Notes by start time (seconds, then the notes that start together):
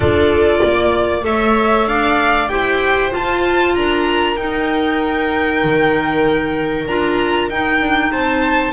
0.00 D4 F4 A4 D5
0.61 A#3 D5
1.22 A3 A4 C#5 E5
1.86 D4 D5 F5
2.48 E4 G4 C5 G5
3.11 F4 A5
3.75 D4 A#4 A#5
4.36 D#4 G5
5.63 D#3
6.86 D4 F4 A#5
7.49 D#4 G5
7.80 D4
8.11 C4 C5 A5